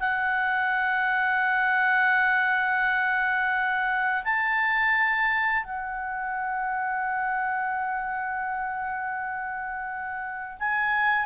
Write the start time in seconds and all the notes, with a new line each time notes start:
0.00 F#5
4.24 A5
5.64 F#5
10.59 G#5